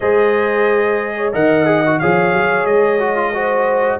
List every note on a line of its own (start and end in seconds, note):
0.00 1.33 G#3
0.00 1.32 G#4
0.00 1.15 C5
0.00 1.33 D#5
1.16 1.33 C#5
1.32 2.00 D#3
1.32 1.65 A#4
1.32 2.00 D#5
1.32 1.99 F#5
1.65 1.82 G#4
1.86 2.02 F#4
1.99 2.33 F3
1.99 2.99 G#4
1.99 3.33 C#5
1.99 2.65 F5
2.33 2.64 F#3
2.64 3.98 G#3
2.64 3.99 D#5
2.99 3.16 F#4
3.16 3.32 F4
3.33 3.99 F#4
3.33 3.99 C5